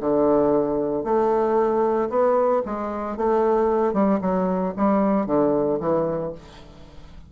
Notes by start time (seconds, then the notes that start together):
0.00 D3
1.04 A3
2.09 B3
2.65 G#3
3.17 A3
3.93 G3
4.21 F#3
4.76 G3
5.26 D3
5.79 E3